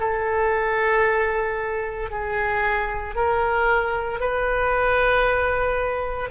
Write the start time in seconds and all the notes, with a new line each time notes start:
0.00 A4
2.11 G#4
3.15 A#4
4.20 B4